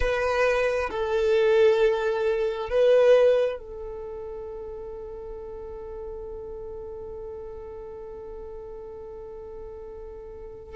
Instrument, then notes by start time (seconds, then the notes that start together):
violin
0.00 B4
0.90 A4
2.69 B4
3.58 A4